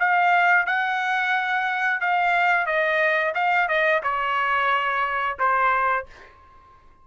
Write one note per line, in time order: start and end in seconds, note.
0.00 0.66 F5
0.66 2.01 F#5
2.01 2.67 F5
2.67 3.34 D#5
3.35 3.68 F5
3.68 4.02 D#5
4.03 5.38 C#5
5.39 6.07 C5